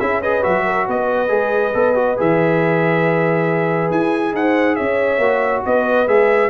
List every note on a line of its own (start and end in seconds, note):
0.00 0.44 C#4
0.00 0.23 E4
0.00 0.21 G#4
0.00 0.22 E5
0.21 0.42 G#4
0.21 0.64 B4
0.21 0.44 D#5
0.42 0.88 F#3
0.42 1.28 F#4
0.42 0.87 E5
0.64 0.86 A#4
0.86 1.31 B3
0.86 4.34 B4
0.86 2.20 D#5
1.28 1.74 G#3
1.28 1.72 G#4
1.74 2.18 B3
1.74 1.95 A4
1.95 2.17 F#4
2.17 3.91 E3
2.17 5.21 G#4
2.17 3.92 E5
3.91 4.33 E4
3.91 4.35 G#5
4.33 4.76 D#4
4.33 4.77 C5
4.33 4.76 F#5
4.76 5.18 C#4
4.76 5.64 C#5
4.76 5.63 E5
5.18 5.62 A#3
5.18 6.08 F#4
5.66 6.08 B3
5.66 6.50 B4
5.66 6.08 D#5
6.08 6.50 G#3
6.08 6.50 G#4
6.08 6.50 E5